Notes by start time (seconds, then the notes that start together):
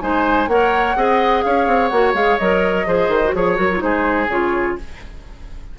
0.00 G#3 D#4 C5 G#5
0.47 A#3 A#4 C#5 F#5
0.95 C4 G#4 D#5
1.42 C#4 C#5 F5
1.67 C4
1.88 A#3 F#4 F#5
2.13 G#3 G#4 F5
2.37 F#3 A#4 D#5
2.86 F3 G#4 C5
3.08 D#3
3.24 F#4
3.33 F3 G#4 C#5
3.56 F#3 F#4 A#4
3.71 F4
3.78 G#3 D#4 G#4 C5
4.27 C#3 F4 C#5